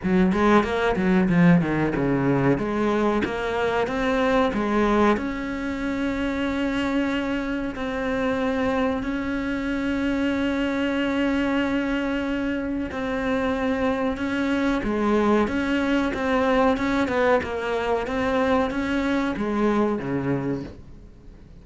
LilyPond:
\new Staff \with { instrumentName = "cello" } { \time 4/4 \tempo 4 = 93 fis8 gis8 ais8 fis8 f8 dis8 cis4 | gis4 ais4 c'4 gis4 | cis'1 | c'2 cis'2~ |
cis'1 | c'2 cis'4 gis4 | cis'4 c'4 cis'8 b8 ais4 | c'4 cis'4 gis4 cis4 | }